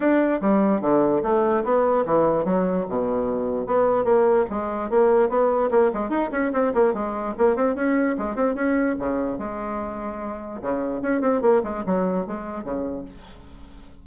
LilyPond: \new Staff \with { instrumentName = "bassoon" } { \time 4/4 \tempo 4 = 147 d'4 g4 d4 a4 | b4 e4 fis4 b,4~ | b,4 b4 ais4 gis4 | ais4 b4 ais8 gis8 dis'8 cis'8 |
c'8 ais8 gis4 ais8 c'8 cis'4 | gis8 c'8 cis'4 cis4 gis4~ | gis2 cis4 cis'8 c'8 | ais8 gis8 fis4 gis4 cis4 | }